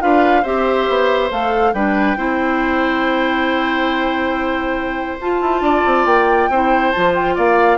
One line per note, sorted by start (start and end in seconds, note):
0.00 0.45 D4
0.00 0.43 F4
0.00 0.42 B4
0.00 0.44 F5
0.42 0.88 C4
0.42 1.30 G4
0.42 1.72 C5
0.42 1.31 E5
0.89 1.31 B3
1.30 1.73 A3
1.30 1.73 A4
1.30 1.73 F5
1.73 2.16 G3
1.73 2.17 D4
1.73 2.17 B4
1.73 5.19 G5
2.17 5.19 C4
2.17 5.19 E4
2.17 5.63 C5
5.20 5.41 F4
5.20 6.51 F4
5.20 6.06 A5
5.41 5.61 E4
5.61 5.82 D4
5.61 6.50 D5
5.86 6.05 C4
6.05 6.48 A#3
6.05 6.91 G5
6.49 6.93 C4
6.49 6.94 E4
6.49 7.35 C5
6.91 7.37 F3
6.91 7.78 F4
6.91 7.13 A5
7.14 7.36 G5
7.35 7.78 A#3
7.35 7.78 D5
7.35 7.78 F5